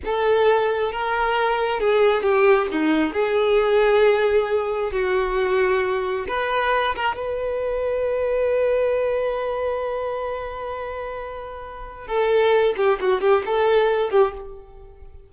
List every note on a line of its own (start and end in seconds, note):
0.04 0.92 A4
0.92 1.80 A#4
1.80 2.22 G#4
2.22 2.67 G4
2.71 3.13 D#4
3.13 4.92 G#4
4.92 6.26 F#4
6.28 6.95 B4
6.95 7.16 A#4
7.16 12.07 B4
12.07 12.74 A4
12.77 12.99 G4
13.00 13.20 F#4
13.20 13.43 G4
13.45 14.10 A4
14.10 14.33 G4